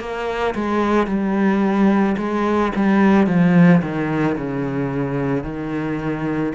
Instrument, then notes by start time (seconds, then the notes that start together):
cello
0.00 A#3
0.55 G#3
1.07 G3
2.18 G#3
2.76 G3
3.27 F3
3.82 D#3
4.38 C#3
5.43 D#3